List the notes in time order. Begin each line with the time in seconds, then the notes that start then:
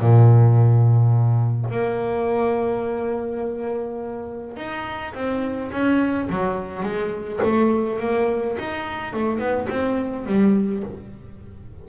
0.00 A#2
1.71 A#3
4.57 D#4
5.14 C4
5.72 C#4
6.30 F#3
6.83 G#3
7.43 A3
8.00 A#3
8.59 D#4
9.14 A3
9.39 B3
9.69 C4
10.26 G3